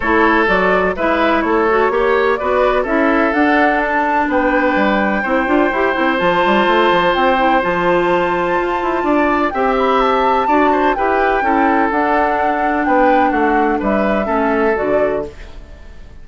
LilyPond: <<
  \new Staff \with { instrumentName = "flute" } { \time 4/4 \tempo 4 = 126 cis''4 d''4 e''4 cis''4~ | cis''4 d''4 e''4 fis''4 | a''4 g''2.~ | g''4 a''2 g''4 |
a''1 | g''8 b''8 a''2 g''4~ | g''4 fis''2 g''4 | fis''4 e''2 d''4 | }
  \new Staff \with { instrumentName = "oboe" } { \time 4/4 a'2 b'4 a'4 | cis''4 b'4 a'2~ | a'4 b'2 c''4~ | c''1~ |
c''2. d''4 | e''2 d''8 c''8 b'4 | a'2. b'4 | fis'4 b'4 a'2 | }
  \new Staff \with { instrumentName = "clarinet" } { \time 4/4 e'4 fis'4 e'4. fis'8 | g'4 fis'4 e'4 d'4~ | d'2. e'8 f'8 | g'8 e'8 f'2~ f'8 e'8 |
f'1 | g'2 fis'4 g'4 | e'4 d'2.~ | d'2 cis'4 fis'4 | }
  \new Staff \with { instrumentName = "bassoon" } { \time 4/4 a4 fis4 gis4 a4 | ais4 b4 cis'4 d'4~ | d'4 b4 g4 c'8 d'8 | e'8 c'8 f8 g8 a8 f8 c'4 |
f2 f'8 e'8 d'4 | c'2 d'4 e'4 | cis'4 d'2 b4 | a4 g4 a4 d4 | }
>>